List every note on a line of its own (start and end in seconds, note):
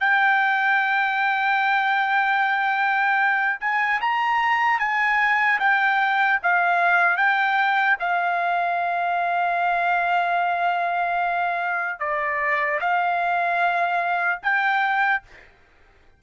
0.00 3.60 G5
3.60 4.00 G#5
4.01 4.79 A#5
4.79 5.59 G#5
5.60 6.40 G5
6.43 7.17 F5
7.17 7.97 G5
8.00 12.00 F5
12.00 12.80 D5
12.80 14.40 F5
14.43 15.23 G5